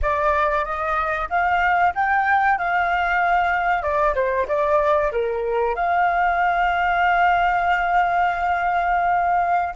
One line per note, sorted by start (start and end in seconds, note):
0.02 0.64 D5
0.64 1.28 D#5
1.29 1.93 F5
1.95 2.58 G5
2.58 3.82 F5
3.82 4.14 D5
4.14 4.46 C5
4.47 5.11 D5
5.12 5.74 A#4
5.74 9.73 F5